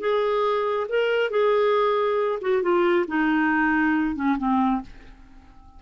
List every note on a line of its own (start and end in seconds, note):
0.00 0.87 G#4
0.89 1.31 A#4
1.31 2.39 G#4
2.42 2.62 F#4
2.62 3.06 F4
3.08 4.16 D#4
4.16 4.38 C#4
4.38 4.82 C4